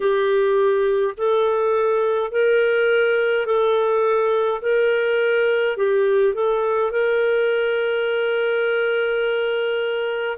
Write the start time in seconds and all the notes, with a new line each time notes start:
0.00 G4
1.17 A4
2.31 A#4
3.46 A4
4.61 A#4
5.76 G4
6.34 A4
6.91 A#4